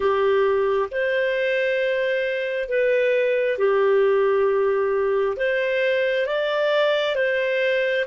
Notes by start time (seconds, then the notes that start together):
0.00 G4
0.91 C5
2.68 B4
3.58 G4
5.36 C5
6.26 D5
7.15 C5